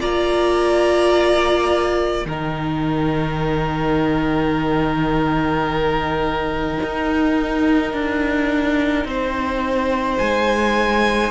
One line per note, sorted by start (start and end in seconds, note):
0.00 2.26 A#3
0.00 2.26 F4
0.00 2.27 D5
0.00 2.26 A#5
2.26 6.79 D#3
2.26 11.31 D#4
2.26 9.07 A#4
2.26 10.19 G5
6.83 7.93 D#4
7.93 9.05 D4
9.05 10.18 C4
9.05 11.31 C5
10.19 11.31 G#3
10.19 11.31 G#5